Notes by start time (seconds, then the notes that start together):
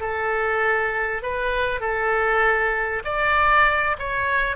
0.00 A4
1.22 B4
1.80 A4
3.04 D5
3.99 C#5